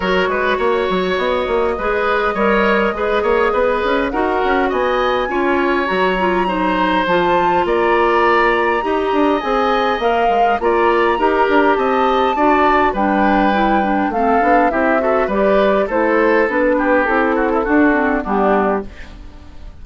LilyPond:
<<
  \new Staff \with { instrumentName = "flute" } { \time 4/4 \tempo 4 = 102 cis''2 dis''2~ | dis''2. fis''4 | gis''2 ais''2 | a''4 ais''2. |
gis''4 f''4 ais''2 | a''2 g''2 | f''4 e''4 d''4 c''4 | b'4 a'2 g'4 | }
  \new Staff \with { instrumentName = "oboe" } { \time 4/4 ais'8 b'8 cis''2 b'4 | cis''4 b'8 cis''8 b'4 ais'4 | dis''4 cis''2 c''4~ | c''4 d''2 dis''4~ |
dis''2 d''4 ais'4 | dis''4 d''4 b'2 | a'4 g'8 a'8 b'4 a'4~ | a'8 g'4 fis'16 e'16 fis'4 d'4 | }
  \new Staff \with { instrumentName = "clarinet" } { \time 4/4 fis'2. gis'4 | ais'4 gis'2 fis'4~ | fis'4 f'4 fis'8 f'8 dis'4 | f'2. g'4 |
gis'4 ais'4 f'4 g'4~ | g'4 fis'4 d'4 e'8 d'8 | c'8 d'8 e'8 fis'8 g'4 e'4 | d'4 e'4 d'8 c'8 b4 | }
  \new Staff \with { instrumentName = "bassoon" } { \time 4/4 fis8 gis8 ais8 fis8 b8 ais8 gis4 | g4 gis8 ais8 b8 cis'8 dis'8 cis'8 | b4 cis'4 fis2 | f4 ais2 dis'8 d'8 |
c'4 ais8 gis8 ais4 dis'8 d'8 | c'4 d'4 g2 | a8 b8 c'4 g4 a4 | b4 c'4 d'4 g4 | }
>>